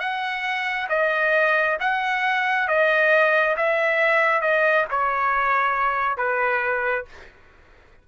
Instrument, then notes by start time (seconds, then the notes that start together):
trumpet
0.00 F#5
0.90 D#5
1.80 F#5
2.68 D#5
3.57 E5
4.42 D#5
4.91 C#5
6.18 B4